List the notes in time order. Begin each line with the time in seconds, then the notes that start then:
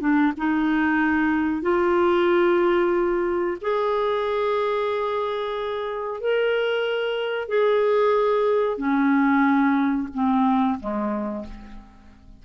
0.00 D4
0.37 D#4
1.62 F4
3.61 G#4
6.20 A#4
7.48 G#4
8.77 C#4
10.14 C4
10.80 G#3